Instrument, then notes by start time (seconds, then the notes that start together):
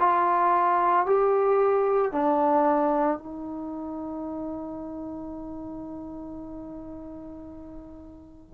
trombone
0.00 F4
1.07 G4
2.12 D4
3.19 D#4